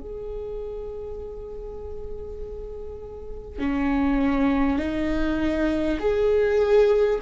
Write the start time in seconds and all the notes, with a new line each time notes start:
0.00 G#4
3.58 C#4
4.78 D#4
5.99 G#4